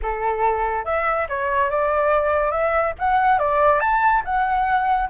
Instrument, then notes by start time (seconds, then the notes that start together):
flute
0.02 A4
0.85 E5
1.28 C#5
1.70 D5
2.51 E5
2.98 F#5
3.38 D5
3.80 A5
4.24 F#5